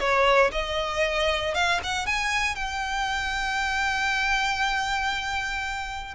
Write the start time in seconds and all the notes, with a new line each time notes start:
0.00 C#5
0.52 D#5
1.55 F5
1.84 F#5
2.07 G#5
2.56 G5